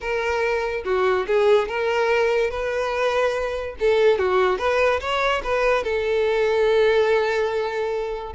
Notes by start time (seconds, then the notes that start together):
0.00 A#4
0.84 F#4
1.27 G#4
1.68 A#4
2.50 B4
3.79 A4
4.18 F#4
4.58 B4
5.00 C#5
5.43 B4
5.83 A4